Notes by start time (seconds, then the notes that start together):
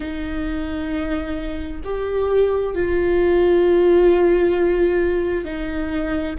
0.00 D#4
1.84 G4
2.74 F4
5.44 D#4